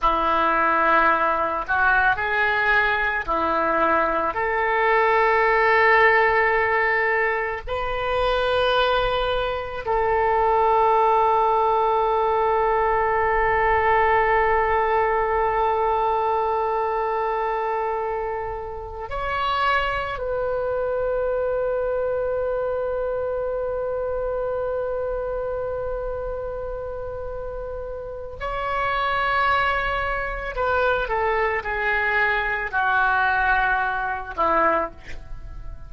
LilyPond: \new Staff \with { instrumentName = "oboe" } { \time 4/4 \tempo 4 = 55 e'4. fis'8 gis'4 e'4 | a'2. b'4~ | b'4 a'2.~ | a'1~ |
a'4. cis''4 b'4.~ | b'1~ | b'2 cis''2 | b'8 a'8 gis'4 fis'4. e'8 | }